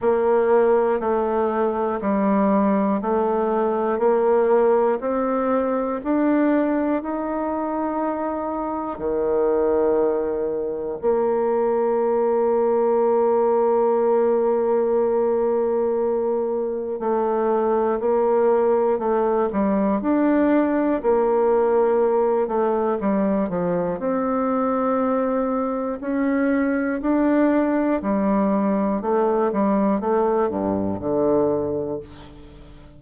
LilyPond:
\new Staff \with { instrumentName = "bassoon" } { \time 4/4 \tempo 4 = 60 ais4 a4 g4 a4 | ais4 c'4 d'4 dis'4~ | dis'4 dis2 ais4~ | ais1~ |
ais4 a4 ais4 a8 g8 | d'4 ais4. a8 g8 f8 | c'2 cis'4 d'4 | g4 a8 g8 a8 g,8 d4 | }